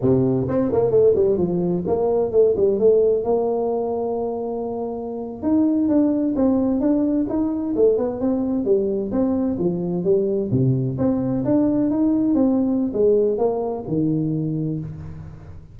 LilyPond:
\new Staff \with { instrumentName = "tuba" } { \time 4/4 \tempo 4 = 130 c4 c'8 ais8 a8 g8 f4 | ais4 a8 g8 a4 ais4~ | ais2.~ ais8. dis'16~ | dis'8. d'4 c'4 d'4 dis'16~ |
dis'8. a8 b8 c'4 g4 c'16~ | c'8. f4 g4 c4 c'16~ | c'8. d'4 dis'4 c'4~ c'16 | gis4 ais4 dis2 | }